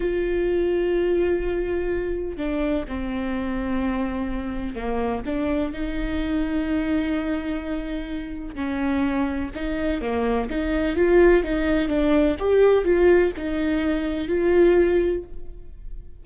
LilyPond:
\new Staff \with { instrumentName = "viola" } { \time 4/4 \tempo 4 = 126 f'1~ | f'4 d'4 c'2~ | c'2 ais4 d'4 | dis'1~ |
dis'2 cis'2 | dis'4 ais4 dis'4 f'4 | dis'4 d'4 g'4 f'4 | dis'2 f'2 | }